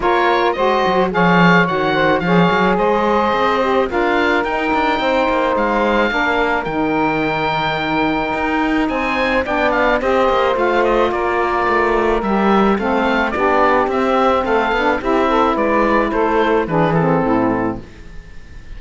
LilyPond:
<<
  \new Staff \with { instrumentName = "oboe" } { \time 4/4 \tempo 4 = 108 cis''4 dis''4 f''4 fis''4 | f''4 dis''2 f''4 | g''2 f''2 | g''1 |
gis''4 g''8 f''8 dis''4 f''8 dis''8 | d''2 e''4 f''4 | d''4 e''4 f''4 e''4 | d''4 c''4 b'8 a'4. | }
  \new Staff \with { instrumentName = "saxophone" } { \time 4/4 ais'4 c''4 cis''4. c''8 | cis''4 c''2 ais'4~ | ais'4 c''2 ais'4~ | ais'1 |
c''4 d''4 c''2 | ais'2. a'4 | g'2 a'4 g'8 a'8 | b'4 a'4 gis'4 e'4 | }
  \new Staff \with { instrumentName = "saxophone" } { \time 4/4 f'4 fis'4 gis'4 fis'4 | gis'2~ gis'8 g'8 f'4 | dis'2. d'4 | dis'1~ |
dis'4 d'4 g'4 f'4~ | f'2 g'4 c'4 | d'4 c'4. d'8 e'4~ | e'2 d'8 c'4. | }
  \new Staff \with { instrumentName = "cello" } { \time 4/4 ais4 gis8 fis8 f4 dis4 | f8 fis8 gis4 c'4 d'4 | dis'8 d'8 c'8 ais8 gis4 ais4 | dis2. dis'4 |
c'4 b4 c'8 ais8 a4 | ais4 a4 g4 a4 | b4 c'4 a8 b8 c'4 | gis4 a4 e4 a,4 | }
>>